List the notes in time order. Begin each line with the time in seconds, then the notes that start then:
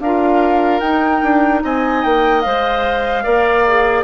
0.00 D4 F4 A#4 F5
0.80 D#4 G5
1.23 D4
1.64 C4 D#5 G#5
2.04 A#3 G5
2.42 G#3 C5 F5
3.24 A#3 A#4 D5
3.67 G#4